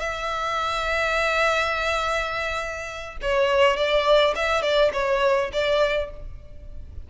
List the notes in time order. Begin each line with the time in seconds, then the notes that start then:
0.00 E5
3.22 C#5
3.77 D5
4.35 E5
4.62 D5
4.93 C#5
5.53 D5